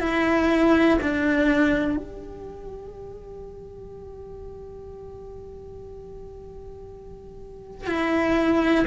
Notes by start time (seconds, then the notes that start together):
0.00 E4
1.01 D4
1.97 G4
7.87 E4